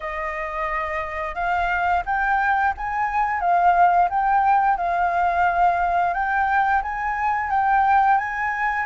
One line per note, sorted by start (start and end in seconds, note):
0.00 1.35 D#5
1.35 2.03 F5
2.05 2.73 G5
2.77 3.40 G#5
3.40 4.08 F5
4.09 4.77 G5
4.77 6.13 F5
6.13 6.82 G5
6.82 7.49 G#5
7.49 8.18 G5
8.18 8.85 G#5